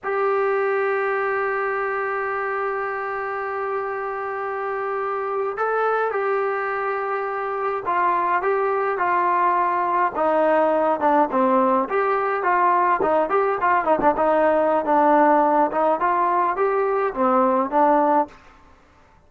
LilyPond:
\new Staff \with { instrumentName = "trombone" } { \time 4/4 \tempo 4 = 105 g'1~ | g'1~ | g'4.~ g'16 a'4 g'4~ g'16~ | g'4.~ g'16 f'4 g'4 f'16~ |
f'4.~ f'16 dis'4. d'8 c'16~ | c'8. g'4 f'4 dis'8 g'8 f'16~ | f'16 dis'16 d'16 dis'4~ dis'16 d'4. dis'8 | f'4 g'4 c'4 d'4 | }